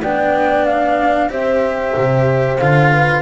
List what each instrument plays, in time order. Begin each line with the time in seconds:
0.00 double bass B3, cello D4, horn D5, flute G5
0.65 flute F5
1.29 double bass C4, cello G4, horn C5, flute E5
1.97 double bass C3
2.58 double bass D3, cello F4, flute F5
2.92 horn B4